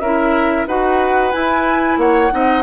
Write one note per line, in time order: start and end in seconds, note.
0.00 0.66 C#4
0.00 0.68 E4
0.00 0.67 A#4
0.00 0.66 E5
0.67 1.33 D#4
0.67 1.32 F#4
0.67 1.99 B4
0.67 1.32 F#5
1.32 2.30 E4
1.32 1.97 E4
1.32 1.98 G#5
1.97 2.30 A#3
1.97 2.33 C#5
1.97 2.63 F#5
2.30 2.63 C4
2.30 2.63 D#4
2.30 2.63 D#5